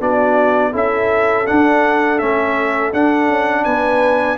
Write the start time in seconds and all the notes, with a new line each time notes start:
0.00 B3 D4 F#4 D5
0.72 C#4 E4 A4 E5
1.46 D4 F#5
2.18 A3 C#4 E5
2.93 D4 F#5
3.28 C#4
3.64 B3 B4 G#5